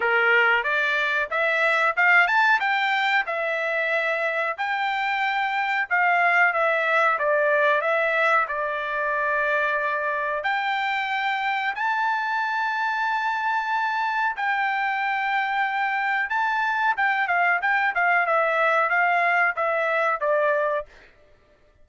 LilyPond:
\new Staff \with { instrumentName = "trumpet" } { \time 4/4 \tempo 4 = 92 ais'4 d''4 e''4 f''8 a''8 | g''4 e''2 g''4~ | g''4 f''4 e''4 d''4 | e''4 d''2. |
g''2 a''2~ | a''2 g''2~ | g''4 a''4 g''8 f''8 g''8 f''8 | e''4 f''4 e''4 d''4 | }